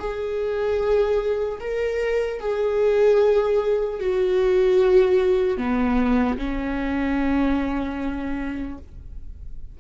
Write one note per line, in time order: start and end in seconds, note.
0.00 1.60 G#4
1.61 2.41 A#4
2.41 4.01 G#4
4.01 5.58 F#4
5.58 6.38 B3
6.39 8.79 C#4